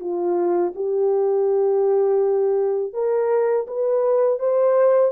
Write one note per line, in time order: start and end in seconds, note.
0.00 0.73 F4
0.75 2.93 G4
2.93 3.67 A#4
3.68 4.39 B4
4.39 5.12 C5